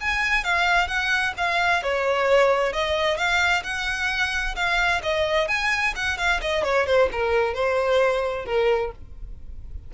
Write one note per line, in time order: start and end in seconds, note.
0.00 0.44 G#5
0.44 0.88 F5
0.88 1.33 F#5
1.37 1.82 F5
1.82 2.73 C#5
2.73 3.17 D#5
3.17 3.63 F5
3.63 4.55 F#5
4.55 5.01 F5
5.03 5.48 D#5
5.48 5.94 G#5
5.95 6.17 F#5
6.17 6.40 F5
6.41 6.63 D#5
6.63 6.86 C#5
6.86 7.09 C5
7.12 7.54 A#4
7.54 8.45 C5
8.46 8.91 A#4